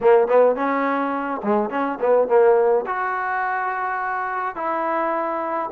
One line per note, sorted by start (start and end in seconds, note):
0.00 0.27 A#3
0.27 0.55 B3
0.55 1.41 C#4
1.43 1.70 G#3
1.70 1.98 C#4
2.00 2.28 B3
2.28 2.85 A#3
2.86 4.55 F#4
4.55 5.70 E4